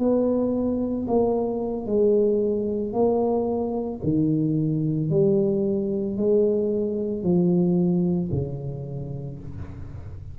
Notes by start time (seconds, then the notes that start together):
0.00 B3
1.08 A#3
1.87 G#3
2.93 A#3
4.04 D#3
5.11 G3
6.18 G#3
7.23 F3
8.32 C#3